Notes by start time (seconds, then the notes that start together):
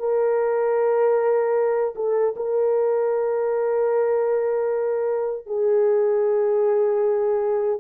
0.00 A#4
1.96 A4
2.37 A#4
5.47 G#4